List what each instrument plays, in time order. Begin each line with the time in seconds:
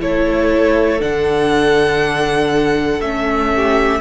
0.00 cello A3, viola E4, violin A4 C#5
1.00 cello D3, viola D4, violin F#5
3.01 cello A3, viola C#4, violin E5
3.55 violin G4